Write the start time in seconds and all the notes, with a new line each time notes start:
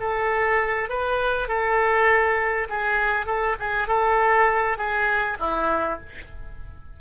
0.00 A4
0.89 B4
1.48 A4
2.69 G#4
3.26 A4
3.60 G#4
3.88 A4
4.77 G#4
5.40 E4